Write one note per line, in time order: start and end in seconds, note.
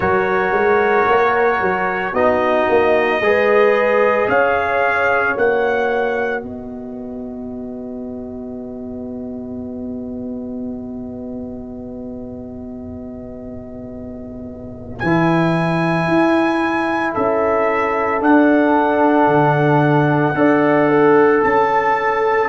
0.00 0.52 F#3
0.00 2.14 F#4
0.00 2.12 A#4
0.00 2.14 C#5
0.52 1.05 G#3
1.09 1.60 A#3
1.60 2.13 F#3
2.12 2.67 B3
2.12 3.21 D#4
2.12 3.19 F#4
2.12 4.28 D#5
2.69 3.20 A#3
3.20 4.27 G#3
3.20 5.35 G#4
3.20 4.29 B4
4.28 5.35 C#4
4.28 6.43 C#5
4.28 5.36 F5
5.35 6.42 A#3
5.35 15.00 F#4
5.35 6.42 F#5
6.42 15.00 B3
6.42 17.13 B4
6.42 14.98 D#5
14.98 16.07 E3
14.98 18.20 E4
14.98 17.13 G#5
16.07 17.15 E4
17.13 18.21 C#4
17.13 20.34 A4
17.13 18.21 E5
18.20 20.34 D4
18.20 19.27 D4
18.20 21.43 F#5
19.27 20.34 D3
20.34 21.41 D4
20.34 22.48 A4
20.34 20.89 D5
20.89 22.48 A4
21.43 22.48 C#4
21.43 22.48 A5